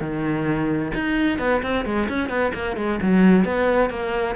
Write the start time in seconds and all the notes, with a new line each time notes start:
0.00 D#3
0.94 D#4
1.38 B3
1.62 C4
1.85 G#3
2.09 C#4
2.29 B3
2.54 A#3
2.76 G#3
3.02 F#3
3.44 B3
3.90 A#3